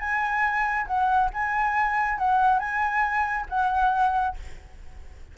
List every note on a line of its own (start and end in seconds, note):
0.00 0.87 G#5
0.87 1.31 F#5
1.34 2.18 G#5
2.18 2.59 F#5
2.59 3.46 G#5
3.49 4.36 F#5